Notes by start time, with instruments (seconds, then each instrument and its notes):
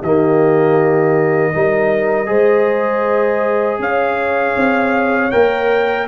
0.00 tuba D#3, trombone A#3, horn G4, trumpet D#5
1.53 tuba G3, trombone D#4, horn A#4
2.26 tuba G#3, trombone G#4, horn C5
3.79 tuba C#4, horn C#5, trumpet F5
4.56 tuba C4
5.31 tuba A#3, trombone A#4, trumpet G5